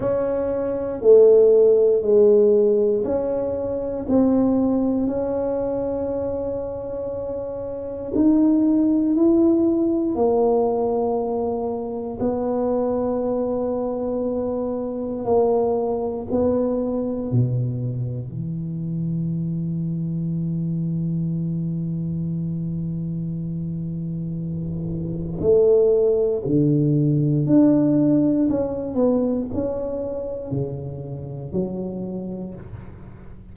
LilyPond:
\new Staff \with { instrumentName = "tuba" } { \time 4/4 \tempo 4 = 59 cis'4 a4 gis4 cis'4 | c'4 cis'2. | dis'4 e'4 ais2 | b2. ais4 |
b4 b,4 e2~ | e1~ | e4 a4 d4 d'4 | cis'8 b8 cis'4 cis4 fis4 | }